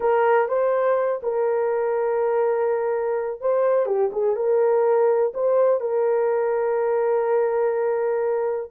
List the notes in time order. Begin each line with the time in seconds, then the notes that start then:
0.00 A#4
0.48 C5
1.23 A#4
3.40 C5
3.86 G4
4.12 G#4
4.35 A#4
5.34 C5
5.80 A#4